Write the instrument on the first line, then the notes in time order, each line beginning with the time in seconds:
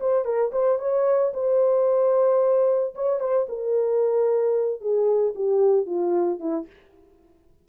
horn
0.00 C5
0.25 A#4
0.52 C5
0.79 C#5
1.34 C5
2.95 C#5
3.20 C5
3.49 A#4
4.81 G#4
5.35 G4
5.86 F4
6.39 E4